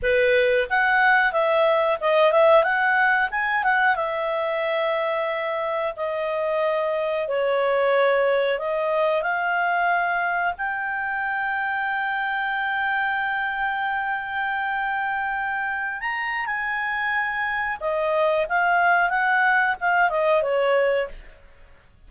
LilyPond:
\new Staff \with { instrumentName = "clarinet" } { \time 4/4 \tempo 4 = 91 b'4 fis''4 e''4 dis''8 e''8 | fis''4 gis''8 fis''8 e''2~ | e''4 dis''2 cis''4~ | cis''4 dis''4 f''2 |
g''1~ | g''1~ | g''16 ais''8. gis''2 dis''4 | f''4 fis''4 f''8 dis''8 cis''4 | }